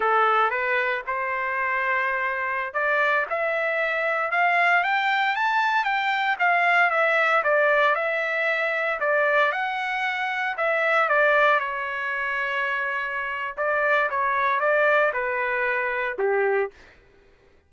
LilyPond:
\new Staff \with { instrumentName = "trumpet" } { \time 4/4 \tempo 4 = 115 a'4 b'4 c''2~ | c''4~ c''16 d''4 e''4.~ e''16~ | e''16 f''4 g''4 a''4 g''8.~ | g''16 f''4 e''4 d''4 e''8.~ |
e''4~ e''16 d''4 fis''4.~ fis''16~ | fis''16 e''4 d''4 cis''4.~ cis''16~ | cis''2 d''4 cis''4 | d''4 b'2 g'4 | }